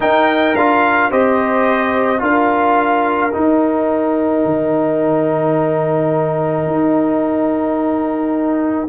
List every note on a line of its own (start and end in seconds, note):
0.00 0.55 D#4
0.00 0.56 D#4
0.00 1.10 A#4
0.00 0.55 G5
0.55 1.11 D4
0.55 1.11 F4
0.55 1.11 F5
1.10 2.21 C4
1.10 2.18 G4
1.10 2.21 C5
1.10 2.22 D#5
2.18 3.32 D4
2.18 3.29 F4
2.18 8.88 A#4
2.18 3.34 F5
3.32 8.88 D#4
3.32 4.44 D#4
3.32 8.88 G5
4.44 6.66 D#3
6.66 8.88 D#4